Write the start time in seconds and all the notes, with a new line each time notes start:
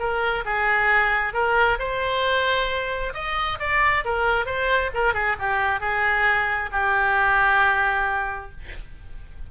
0.00 A#4
0.45 G#4
1.34 A#4
1.80 C5
3.14 D#5
3.60 D5
4.05 A#4
4.46 C5
4.95 A#4
5.15 G#4
5.39 G4
5.81 G#4
6.72 G4